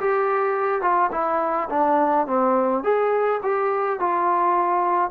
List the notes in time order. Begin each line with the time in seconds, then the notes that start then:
0.00 G4
0.82 F4
1.11 E4
1.70 D4
2.27 C4
2.84 G#4
3.43 G4
4.00 F4